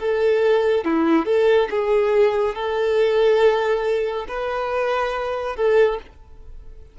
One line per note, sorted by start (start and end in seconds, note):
0.00 0.85 A4
0.85 1.26 E4
1.26 1.69 A4
1.71 2.55 G#4
2.55 4.27 A4
4.29 5.56 B4
5.56 5.99 A4